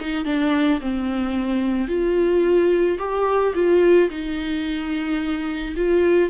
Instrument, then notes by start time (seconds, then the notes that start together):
viola
0.00 D#4
0.25 D4
0.80 C4
1.88 F4
2.98 G4
3.54 F4
4.10 D#4
5.76 F4